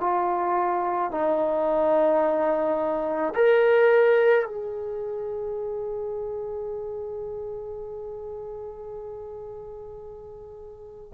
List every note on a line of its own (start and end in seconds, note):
0.00 1.11 F4
1.11 3.33 D#4
3.35 4.45 A#4
4.45 11.12 G#4